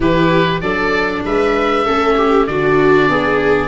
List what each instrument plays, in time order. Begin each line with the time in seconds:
0.00 tuba E3, viola E4 G4, oboe B4
0.60 tuba F#3, viola D4 A4, oboe D5
1.25 tuba G#3, viola B4, oboe E5
1.85 tuba A3, viola C#4 A4
2.16 viola G4
2.46 tuba D3, viola D4 F#4, oboe D5
3.08 tuba B3, viola G#4